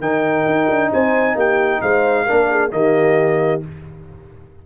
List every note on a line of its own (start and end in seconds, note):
0.00 0.45 D#3
0.00 2.28 D#4
0.00 0.92 A#4
0.00 0.91 G5
0.46 0.69 D#4
0.69 0.92 D4
0.92 1.35 C4
0.92 1.36 C5
0.92 1.38 G#5
1.35 1.80 A#3
1.35 1.81 G4
1.35 1.81 G5
1.81 2.27 G#3
1.81 2.26 C5
1.81 2.72 F5
2.26 2.72 A#3
2.26 2.70 D4
2.26 2.48 A#4
2.51 2.73 G#4
2.70 3.62 D#3
2.70 3.61 A#3
2.70 3.66 G4
2.70 3.62 D#5